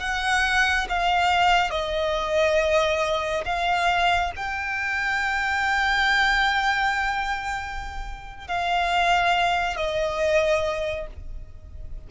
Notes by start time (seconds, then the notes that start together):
0.00 F#5
0.89 F5
1.70 D#5
3.45 F5
4.36 G5
8.47 F5
9.76 D#5